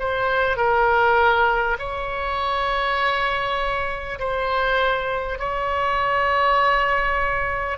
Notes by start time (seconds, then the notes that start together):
0.00 C5
0.57 A#4
1.79 C#5
4.19 C5
5.39 C#5